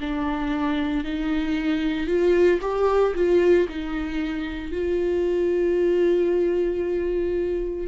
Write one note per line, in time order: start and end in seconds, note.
0.00 1.04 D4
1.04 2.07 D#4
2.07 2.59 F4
2.61 3.14 G4
3.15 3.67 F4
3.68 4.72 D#4
4.72 7.88 F4